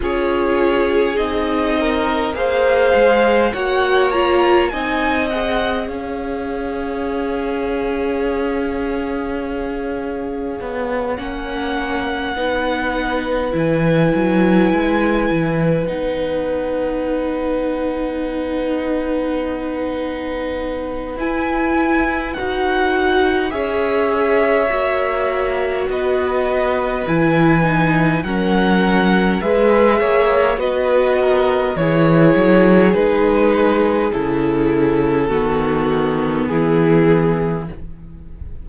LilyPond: <<
  \new Staff \with { instrumentName = "violin" } { \time 4/4 \tempo 4 = 51 cis''4 dis''4 f''4 fis''8 ais''8 | gis''8 fis''8 f''2.~ | f''4. fis''2 gis''8~ | gis''4. fis''2~ fis''8~ |
fis''2 gis''4 fis''4 | e''2 dis''4 gis''4 | fis''4 e''4 dis''4 cis''4 | b'4 a'2 gis'4 | }
  \new Staff \with { instrumentName = "violin" } { \time 4/4 gis'4. ais'8 c''4 cis''4 | dis''4 cis''2.~ | cis''2~ cis''8 b'4.~ | b'1~ |
b'1 | cis''2 b'2 | ais'4 b'8 cis''8 b'8 ais'8 gis'4~ | gis'2 fis'4 e'4 | }
  \new Staff \with { instrumentName = "viola" } { \time 4/4 f'4 dis'4 gis'4 fis'8 f'8 | dis'8 gis'2.~ gis'8~ | gis'4. cis'4 dis'4 e'8~ | e'4. dis'2~ dis'8~ |
dis'2 e'4 fis'4 | gis'4 fis'2 e'8 dis'8 | cis'4 gis'4 fis'4 e'4 | dis'4 e'4 b2 | }
  \new Staff \with { instrumentName = "cello" } { \time 4/4 cis'4 c'4 ais8 gis8 ais4 | c'4 cis'2.~ | cis'4 b8 ais4 b4 e8 | fis8 gis8 e8 b2~ b8~ |
b2 e'4 dis'4 | cis'4 ais4 b4 e4 | fis4 gis8 ais8 b4 e8 fis8 | gis4 cis4 dis4 e4 | }
>>